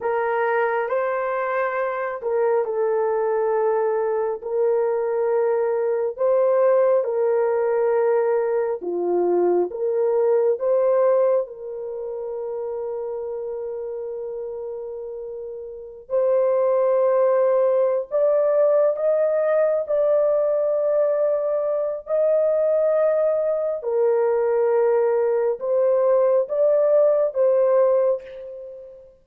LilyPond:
\new Staff \with { instrumentName = "horn" } { \time 4/4 \tempo 4 = 68 ais'4 c''4. ais'8 a'4~ | a'4 ais'2 c''4 | ais'2 f'4 ais'4 | c''4 ais'2.~ |
ais'2~ ais'16 c''4.~ c''16~ | c''8 d''4 dis''4 d''4.~ | d''4 dis''2 ais'4~ | ais'4 c''4 d''4 c''4 | }